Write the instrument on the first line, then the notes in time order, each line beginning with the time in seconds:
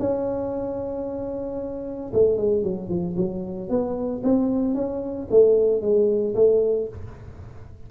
tuba
0.00 C#4
2.14 A3
2.37 G#3
2.64 F#3
2.89 F3
3.17 F#3
3.70 B3
4.24 C4
4.75 C#4
5.31 A3
5.82 G#3
6.35 A3